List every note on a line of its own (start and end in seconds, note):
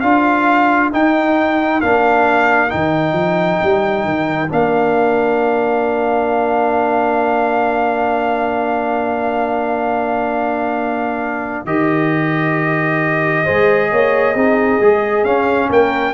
0.00 0.92 D4
0.00 0.93 F4
0.00 13.43 A#4
0.00 0.90 F5
0.93 1.82 D#4
0.93 1.83 D#4
0.93 1.81 G5
1.81 2.73 A#3
1.81 2.69 D4
1.81 2.71 F5
2.69 3.13 D#3
2.69 4.48 D#4
2.69 4.50 G5
3.13 3.58 F3
3.63 4.05 G3
4.05 4.50 D#3
4.50 11.65 A#3
4.50 11.67 D4
4.50 11.67 F5
11.65 13.44 D#3
11.65 13.46 G4
11.65 15.25 D#5
13.45 13.92 G#3
13.45 14.36 G#4
13.45 13.90 C5
13.91 14.35 A#3
13.91 14.35 C#5
14.35 14.80 C4
14.35 14.81 D#4
14.35 15.69 G#4
14.81 15.25 G#3
14.81 15.25 G#4
15.25 15.70 C#4
15.25 16.14 C#4
15.25 15.70 F5
15.70 16.14 A#3
15.70 16.14 A#4
15.70 16.14 G5